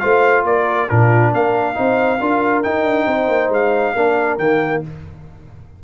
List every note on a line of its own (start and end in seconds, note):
0.00 0.44 A3
0.00 0.89 F4
0.00 0.44 C5
0.00 0.44 F5
0.44 0.88 A#3
0.44 0.91 A#4
0.44 0.89 D5
0.89 1.34 A#2
0.89 1.75 D4
0.89 1.32 F4
0.89 1.33 A#4
1.32 1.78 A#3
1.32 1.76 A#4
1.32 2.63 F5
1.75 2.21 C4
1.75 2.18 D#4
1.75 2.21 C5
2.21 2.65 D4
2.21 2.64 F4
2.21 3.08 A#4
2.63 3.96 D#4
2.63 2.84 D#4
2.63 3.51 G5
2.84 3.06 D4
3.07 3.28 C4
3.07 3.95 C5
3.28 3.49 A#3
3.49 3.93 G#3
3.49 4.39 F5
3.95 4.39 A#3
3.95 4.40 D4
3.95 4.83 A#4
4.39 4.82 D#3
4.39 4.84 A#3
4.39 4.82 G5